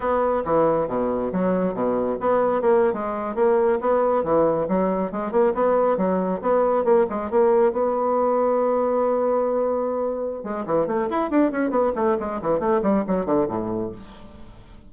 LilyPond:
\new Staff \with { instrumentName = "bassoon" } { \time 4/4 \tempo 4 = 138 b4 e4 b,4 fis4 | b,4 b4 ais8. gis4 ais16~ | ais8. b4 e4 fis4 gis16~ | gis16 ais8 b4 fis4 b4 ais16~ |
ais16 gis8 ais4 b2~ b16~ | b1 | gis8 e8 a8 e'8 d'8 cis'8 b8 a8 | gis8 e8 a8 g8 fis8 d8 a,4 | }